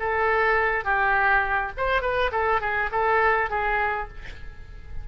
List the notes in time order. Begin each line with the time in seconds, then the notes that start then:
0.00 A4
0.85 G4
1.78 C5
2.02 B4
2.32 A4
2.61 G#4
2.92 A4
3.50 G#4